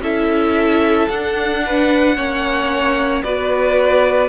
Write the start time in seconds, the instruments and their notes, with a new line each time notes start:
0.00 cello C#4, viola E4, violin A4 E5
1.08 cello D4, viola D4, violin F#5
1.66 violin B4
2.16 cello A#3, viola C#4, violin C#5
3.23 cello B3, viola F#4, violin B4 D5